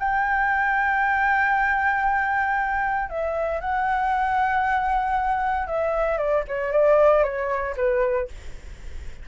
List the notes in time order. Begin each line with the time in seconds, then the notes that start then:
0.00 G5
3.10 E5
3.61 F#5
5.68 E5
6.18 D5
6.48 C#5
6.73 D5
7.24 C#5
7.77 B4